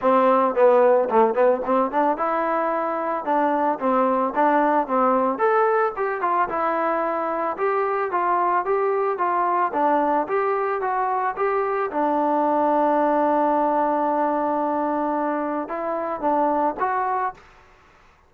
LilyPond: \new Staff \with { instrumentName = "trombone" } { \time 4/4 \tempo 4 = 111 c'4 b4 a8 b8 c'8 d'8 | e'2 d'4 c'4 | d'4 c'4 a'4 g'8 f'8 | e'2 g'4 f'4 |
g'4 f'4 d'4 g'4 | fis'4 g'4 d'2~ | d'1~ | d'4 e'4 d'4 fis'4 | }